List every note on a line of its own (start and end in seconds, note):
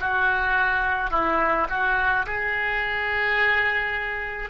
0.00 1.11 F#4
1.11 1.67 E4
1.69 2.26 F#4
2.26 4.50 G#4